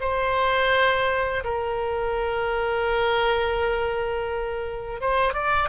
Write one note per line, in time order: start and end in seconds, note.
0.00 1.43 C5
1.44 5.00 A#4
5.00 5.33 C5
5.33 5.69 D5